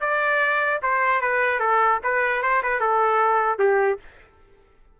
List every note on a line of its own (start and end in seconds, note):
0.00 0.80 D5
0.82 1.21 C5
1.21 1.59 B4
1.59 1.99 A4
2.03 2.42 B4
2.42 2.62 C5
2.63 2.80 B4
2.80 3.59 A4
3.59 3.99 G4